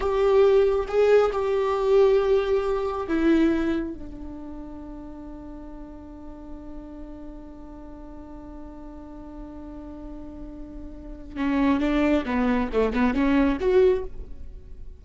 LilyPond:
\new Staff \with { instrumentName = "viola" } { \time 4/4 \tempo 4 = 137 g'2 gis'4 g'4~ | g'2. e'4~ | e'4 d'2.~ | d'1~ |
d'1~ | d'1~ | d'2 cis'4 d'4 | b4 a8 b8 cis'4 fis'4 | }